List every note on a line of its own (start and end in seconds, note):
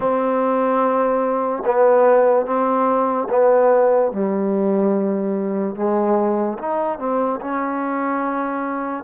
0.00 1.63 C4
1.65 2.45 B3
2.45 3.28 C4
3.29 4.11 B3
4.12 5.75 G3
5.75 6.58 G#3
6.58 6.99 D#4
6.99 7.40 C4
7.40 9.03 C#4